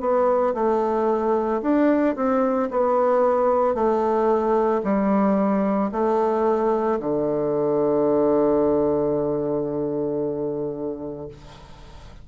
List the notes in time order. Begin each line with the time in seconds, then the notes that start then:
0.00 B3
0.54 A3
1.62 D4
2.16 C4
2.71 B3
3.75 A3
4.84 G3
5.92 A3
7.00 D3